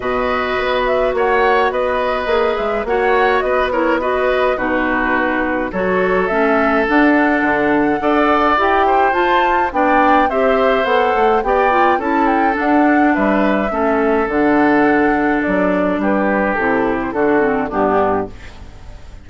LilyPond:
<<
  \new Staff \with { instrumentName = "flute" } { \time 4/4 \tempo 4 = 105 dis''4. e''8 fis''4 dis''4~ | dis''8 e''8 fis''4 dis''8 cis''8 dis''4 | b'2 cis''4 e''4 | fis''2. g''4 |
a''4 g''4 e''4 fis''4 | g''4 a''8 g''8 fis''4 e''4~ | e''4 fis''2 d''4 | b'4 a'8. c''16 a'4 g'4 | }
  \new Staff \with { instrumentName = "oboe" } { \time 4/4 b'2 cis''4 b'4~ | b'4 cis''4 b'8 ais'8 b'4 | fis'2 a'2~ | a'2 d''4. c''8~ |
c''4 d''4 c''2 | d''4 a'2 b'4 | a'1 | g'2 fis'4 d'4 | }
  \new Staff \with { instrumentName = "clarinet" } { \time 4/4 fis'1 | gis'4 fis'4. e'8 fis'4 | dis'2 fis'4 cis'4 | d'2 a'4 g'4 |
f'4 d'4 g'4 a'4 | g'8 f'8 e'4 d'2 | cis'4 d'2.~ | d'4 e'4 d'8 c'8 b4 | }
  \new Staff \with { instrumentName = "bassoon" } { \time 4/4 b,4 b4 ais4 b4 | ais8 gis8 ais4 b2 | b,2 fis4 a4 | d'4 d4 d'4 e'4 |
f'4 b4 c'4 b8 a8 | b4 cis'4 d'4 g4 | a4 d2 fis4 | g4 c4 d4 g,4 | }
>>